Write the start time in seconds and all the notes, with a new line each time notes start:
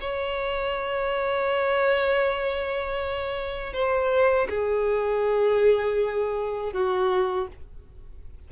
0.00 C#5
3.73 C5
4.49 G#4
6.72 F#4